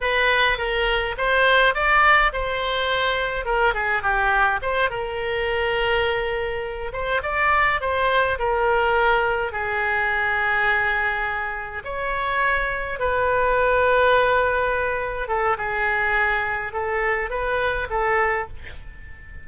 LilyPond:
\new Staff \with { instrumentName = "oboe" } { \time 4/4 \tempo 4 = 104 b'4 ais'4 c''4 d''4 | c''2 ais'8 gis'8 g'4 | c''8 ais'2.~ ais'8 | c''8 d''4 c''4 ais'4.~ |
ais'8 gis'2.~ gis'8~ | gis'8 cis''2 b'4.~ | b'2~ b'8 a'8 gis'4~ | gis'4 a'4 b'4 a'4 | }